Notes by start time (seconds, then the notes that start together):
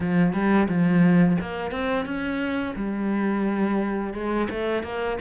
0.00 F3
0.33 G3
0.68 F3
1.40 A#3
1.71 C4
2.05 C#4
2.75 G3
4.13 G#3
4.50 A3
4.83 A#3